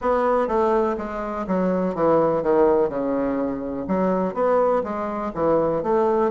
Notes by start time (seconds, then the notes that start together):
0.00 B3
0.48 A3
0.97 G#3
1.47 F#3
1.94 E3
2.42 D#3
2.89 C#3
3.87 F#3
4.33 B3
4.83 G#3
5.34 E3
5.82 A3